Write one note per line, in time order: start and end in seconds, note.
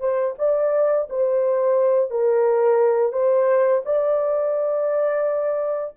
0.00 0.35 C5
0.38 1.08 D5
1.09 2.11 C5
2.11 3.13 A#4
3.13 3.82 C5
3.85 5.95 D5